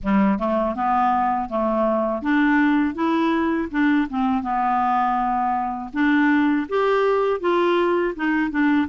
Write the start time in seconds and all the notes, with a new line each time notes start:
0.03 G3
0.38 A3
0.75 B3
1.49 A3
2.22 D4
2.95 E4
3.71 D4
4.09 C4
4.42 B3
5.93 D4
6.68 G4
7.40 F4
8.15 D#4
8.50 D4